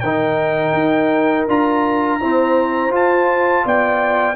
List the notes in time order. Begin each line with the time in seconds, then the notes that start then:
0.00 D#3 D#4 A#4 G5
0.73 D#4
1.48 D4 F4 A#5
2.20 C4 E4 C5
2.90 F4 A5
3.65 B3 D5 G5